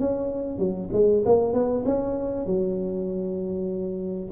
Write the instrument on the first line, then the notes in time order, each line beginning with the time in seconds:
tuba
0.00 C#4
0.59 F#3
0.93 G#3
1.26 A#3
1.54 B3
1.86 C#4
2.46 F#3